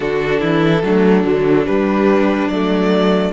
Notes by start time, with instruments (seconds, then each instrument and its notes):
0.00 cello D3, viola D4, violin F#4 A4
0.40 cello E3, violin E4
0.83 cello F#3, viola A3, violin D4
1.23 cello D3, viola F#3
1.66 viola G3, cello G3, violin B4
2.48 cello F#3, viola A3, violin D5